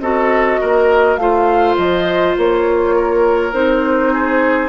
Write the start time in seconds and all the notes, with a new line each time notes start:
0.00 C4 F#4 A4 D#5
0.61 A#3 A#4
1.16 A3 F4 C5 F5
1.77 F3 D#5
2.37 A#3 C#5
2.96 A#4
3.53 C4 D#4 C5
4.13 G#4